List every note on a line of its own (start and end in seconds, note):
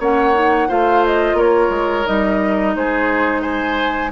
0.00 0.69 A#3
0.00 0.34 C#4
0.00 0.68 C#5
0.00 0.71 F#5
0.34 0.68 D#4
0.68 1.34 A3
0.68 2.05 F4
0.68 1.36 C5
0.68 1.05 F5
1.06 1.39 D#5
1.34 1.68 A#3
1.34 2.74 A#4
1.34 2.07 C#5
1.70 2.05 G#3
2.05 2.76 G3
2.05 4.12 D#4
2.05 2.76 D#5
2.76 4.12 G#3
2.76 3.42 G#4
2.76 3.42 C5
3.42 4.11 C5
3.42 4.11 G#5